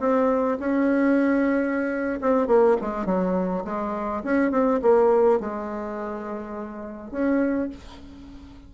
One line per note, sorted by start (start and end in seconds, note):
0.00 0.58 C4
0.60 2.20 C#4
2.21 2.48 C4
2.48 2.77 A#3
2.81 3.06 G#3
3.06 3.64 F#3
3.65 4.23 G#3
4.24 4.51 C#4
4.51 4.81 C4
4.82 5.40 A#3
5.40 7.11 G#3
7.11 7.69 C#4